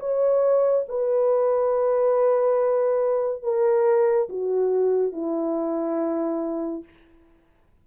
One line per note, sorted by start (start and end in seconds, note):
0.00 0.86 C#5
0.89 3.43 B4
3.43 4.29 A#4
4.29 5.13 F#4
5.13 6.84 E4